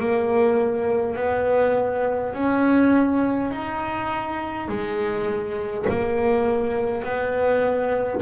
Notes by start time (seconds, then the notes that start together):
0.00 A#3
1.16 B3
2.34 C#4
3.51 D#4
4.68 G#3
5.89 A#3
7.04 B3